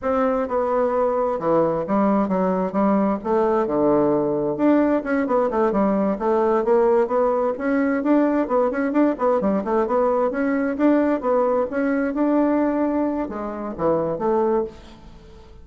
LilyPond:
\new Staff \with { instrumentName = "bassoon" } { \time 4/4 \tempo 4 = 131 c'4 b2 e4 | g4 fis4 g4 a4 | d2 d'4 cis'8 b8 | a8 g4 a4 ais4 b8~ |
b8 cis'4 d'4 b8 cis'8 d'8 | b8 g8 a8 b4 cis'4 d'8~ | d'8 b4 cis'4 d'4.~ | d'4 gis4 e4 a4 | }